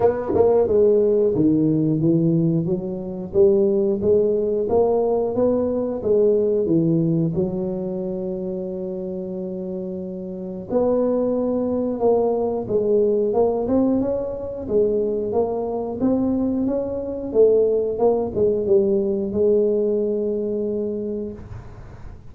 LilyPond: \new Staff \with { instrumentName = "tuba" } { \time 4/4 \tempo 4 = 90 b8 ais8 gis4 dis4 e4 | fis4 g4 gis4 ais4 | b4 gis4 e4 fis4~ | fis1 |
b2 ais4 gis4 | ais8 c'8 cis'4 gis4 ais4 | c'4 cis'4 a4 ais8 gis8 | g4 gis2. | }